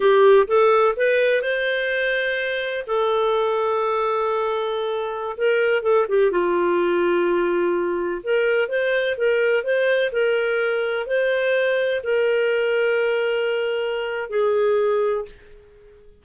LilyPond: \new Staff \with { instrumentName = "clarinet" } { \time 4/4 \tempo 4 = 126 g'4 a'4 b'4 c''4~ | c''2 a'2~ | a'2.~ a'16 ais'8.~ | ais'16 a'8 g'8 f'2~ f'8.~ |
f'4~ f'16 ais'4 c''4 ais'8.~ | ais'16 c''4 ais'2 c''8.~ | c''4~ c''16 ais'2~ ais'8.~ | ais'2 gis'2 | }